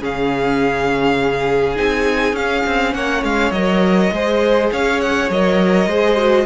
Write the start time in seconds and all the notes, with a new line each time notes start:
0.00 C#3 C#4 G#4 F5
1.76 C4 D#4 G#5
2.33 C#4 F5
2.66 C4
2.94 A#3 C#5 F#5
3.23 G#3 F5
3.51 F#3 A#4 D#5
4.12 G#3 G#4 C5
4.72 C#4 C#5 F5
5.00 F#5
5.29 F#3 A#4 D#5
5.86 G#3 G#4 C5
6.16 F#4